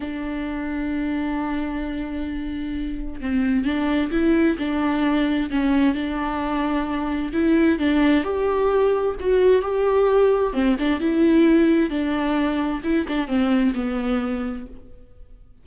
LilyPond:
\new Staff \with { instrumentName = "viola" } { \time 4/4 \tempo 4 = 131 d'1~ | d'2. c'4 | d'4 e'4 d'2 | cis'4 d'2. |
e'4 d'4 g'2 | fis'4 g'2 c'8 d'8 | e'2 d'2 | e'8 d'8 c'4 b2 | }